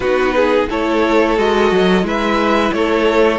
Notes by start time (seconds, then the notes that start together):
0.00 B3 D#4 F#4 B4
0.35 G#4
0.69 A3 E4 A4 C#5
1.37 G#3 F#4 D#5
1.71 F#3
2.02 G#3 E4 B4 E5
2.73 A3 A4 C#5